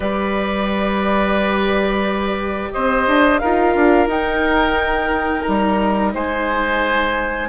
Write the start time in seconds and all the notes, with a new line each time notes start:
0.00 G3 G4 B4 D5
2.72 C4 C5 D#5
3.06 D4
3.38 D#4 F4 A#4 F5
3.75 D4
4.06 D#4 G5
5.41 A#5
5.48 G3
6.13 G#3 C5 G#5